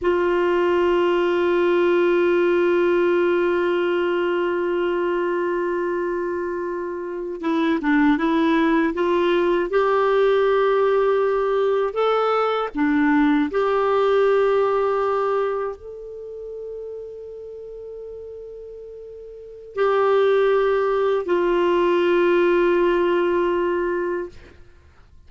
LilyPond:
\new Staff \with { instrumentName = "clarinet" } { \time 4/4 \tempo 4 = 79 f'1~ | f'1~ | f'4.~ f'16 e'8 d'8 e'4 f'16~ | f'8. g'2. a'16~ |
a'8. d'4 g'2~ g'16~ | g'8. a'2.~ a'16~ | a'2 g'2 | f'1 | }